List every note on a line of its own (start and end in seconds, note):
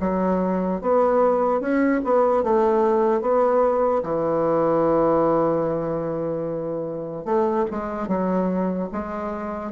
0.00 0.81 F#3
0.81 1.60 B3
1.60 2.01 C#4
2.04 2.43 B3
2.43 3.21 A3
3.21 4.02 B3
4.02 7.25 E3
7.25 7.65 A3
7.70 8.08 G#3
8.08 8.89 F#3
8.92 9.71 G#3